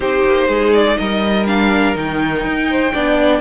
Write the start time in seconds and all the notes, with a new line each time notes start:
0.00 C4 D#4 G4 C5
0.24 A#3
0.48 G#3 G#4
0.73 D5
0.97 G3 A#4 D#5
1.46 D4 F5
1.95 D#3 D#4 G5
2.44 D#4
2.70 C5
2.93 B3 D4 D5